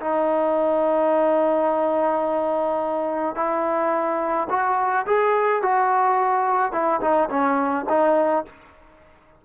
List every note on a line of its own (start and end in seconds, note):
0.00 3.35 D#4
3.35 4.48 E4
4.50 5.06 F#4
5.06 5.62 G#4
5.62 6.72 F#4
6.72 7.00 E4
7.01 7.29 D#4
7.30 7.86 C#4
7.89 8.45 D#4